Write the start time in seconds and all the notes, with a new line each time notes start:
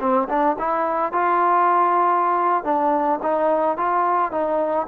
0.00 C4
0.29 D4
0.59 E4
1.12 F4
2.64 D4
3.22 D#4
3.77 F4
4.31 D#4